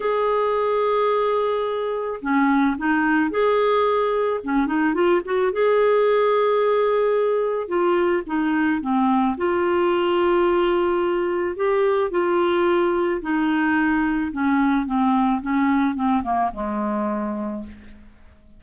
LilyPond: \new Staff \with { instrumentName = "clarinet" } { \time 4/4 \tempo 4 = 109 gis'1 | cis'4 dis'4 gis'2 | cis'8 dis'8 f'8 fis'8 gis'2~ | gis'2 f'4 dis'4 |
c'4 f'2.~ | f'4 g'4 f'2 | dis'2 cis'4 c'4 | cis'4 c'8 ais8 gis2 | }